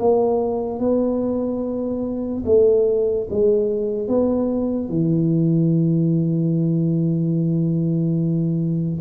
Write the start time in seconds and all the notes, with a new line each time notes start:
0.00 A#3
0.80 B3
2.46 A3
3.31 G#3
4.08 B3
4.89 E3